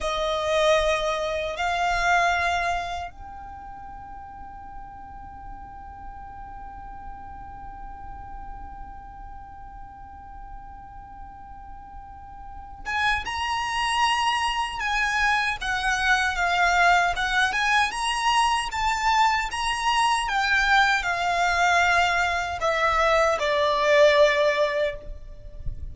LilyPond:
\new Staff \with { instrumentName = "violin" } { \time 4/4 \tempo 4 = 77 dis''2 f''2 | g''1~ | g''1~ | g''1~ |
g''8 gis''8 ais''2 gis''4 | fis''4 f''4 fis''8 gis''8 ais''4 | a''4 ais''4 g''4 f''4~ | f''4 e''4 d''2 | }